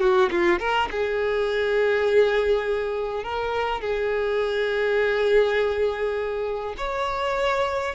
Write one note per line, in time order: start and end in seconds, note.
0.00 0.29 F#4
0.31 0.59 F4
0.59 0.89 A#4
0.91 3.24 G#4
3.24 3.81 A#4
3.81 6.75 G#4
6.78 7.95 C#5